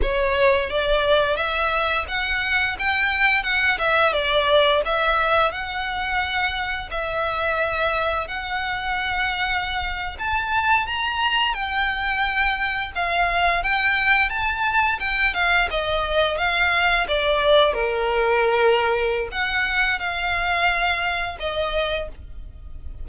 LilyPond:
\new Staff \with { instrumentName = "violin" } { \time 4/4 \tempo 4 = 87 cis''4 d''4 e''4 fis''4 | g''4 fis''8 e''8 d''4 e''4 | fis''2 e''2 | fis''2~ fis''8. a''4 ais''16~ |
ais''8. g''2 f''4 g''16~ | g''8. a''4 g''8 f''8 dis''4 f''16~ | f''8. d''4 ais'2~ ais'16 | fis''4 f''2 dis''4 | }